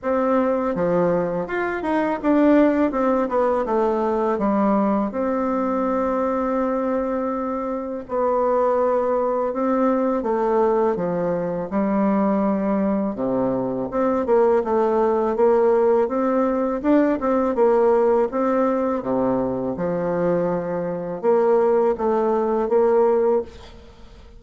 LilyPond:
\new Staff \with { instrumentName = "bassoon" } { \time 4/4 \tempo 4 = 82 c'4 f4 f'8 dis'8 d'4 | c'8 b8 a4 g4 c'4~ | c'2. b4~ | b4 c'4 a4 f4 |
g2 c4 c'8 ais8 | a4 ais4 c'4 d'8 c'8 | ais4 c'4 c4 f4~ | f4 ais4 a4 ais4 | }